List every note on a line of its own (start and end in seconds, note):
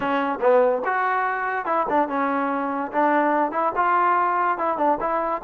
0.00 0.39 C#4
0.40 0.82 B3
0.84 1.65 F#4
1.65 1.86 E4
1.89 2.08 D4
2.08 2.91 C#4
2.91 3.51 D4
3.51 3.72 E4
3.75 4.57 F4
4.57 4.77 E4
4.77 4.98 D4
5.00 5.41 E4